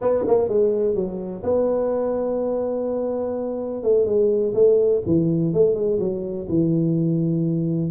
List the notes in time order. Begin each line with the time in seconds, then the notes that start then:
0.01 B3
0.27 A#3
0.48 G#3
0.94 F#3
1.43 B3
3.83 A3
4.05 G#3
4.54 A3
5.05 E3
5.53 A3
5.74 G#3
5.99 F#3
6.48 E3